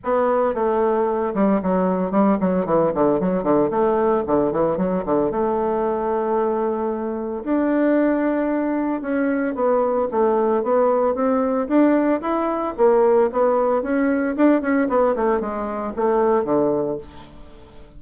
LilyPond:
\new Staff \with { instrumentName = "bassoon" } { \time 4/4 \tempo 4 = 113 b4 a4. g8 fis4 | g8 fis8 e8 d8 fis8 d8 a4 | d8 e8 fis8 d8 a2~ | a2 d'2~ |
d'4 cis'4 b4 a4 | b4 c'4 d'4 e'4 | ais4 b4 cis'4 d'8 cis'8 | b8 a8 gis4 a4 d4 | }